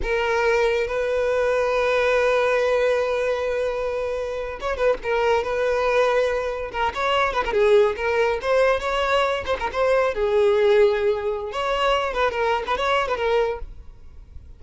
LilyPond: \new Staff \with { instrumentName = "violin" } { \time 4/4 \tempo 4 = 141 ais'2 b'2~ | b'1~ | b'2~ b'8. cis''8 b'8 ais'16~ | ais'8. b'2. ais'16~ |
ais'16 cis''4 b'16 ais'16 gis'4 ais'4 c''16~ | c''8. cis''4. c''16 ais'16 c''4 gis'16~ | gis'2. cis''4~ | cis''8 b'8 ais'8. b'16 cis''8. b'16 ais'4 | }